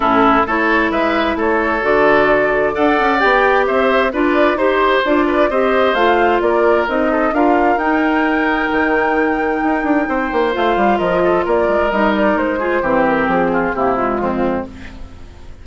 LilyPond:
<<
  \new Staff \with { instrumentName = "flute" } { \time 4/4 \tempo 4 = 131 a'4 cis''4 e''4 cis''4 | d''2 fis''4 g''4 | e''4 d''4 c''4 d''4 | dis''4 f''4 d''4 dis''4 |
f''4 g''2.~ | g''2. f''4 | dis''4 d''4 dis''8 d''8 c''4~ | c''8 ais'8 gis'4 g'8 f'4. | }
  \new Staff \with { instrumentName = "oboe" } { \time 4/4 e'4 a'4 b'4 a'4~ | a'2 d''2 | c''4 b'4 c''4. b'8 | c''2 ais'4. a'8 |
ais'1~ | ais'2 c''2 | ais'8 a'8 ais'2~ ais'8 gis'8 | g'4. f'8 e'4 c'4 | }
  \new Staff \with { instrumentName = "clarinet" } { \time 4/4 cis'4 e'2. | fis'2 a'4 g'4~ | g'4 f'4 g'4 f'4 | g'4 f'2 dis'4 |
f'4 dis'2.~ | dis'2. f'4~ | f'2 dis'4. f'8 | c'2 ais8 gis4. | }
  \new Staff \with { instrumentName = "bassoon" } { \time 4/4 a,4 a4 gis4 a4 | d2 d'8 cis'8 b4 | c'4 d'4 dis'4 d'4 | c'4 a4 ais4 c'4 |
d'4 dis'2 dis4~ | dis4 dis'8 d'8 c'8 ais8 a8 g8 | f4 ais8 gis8 g4 gis4 | e4 f4 c4 f,4 | }
>>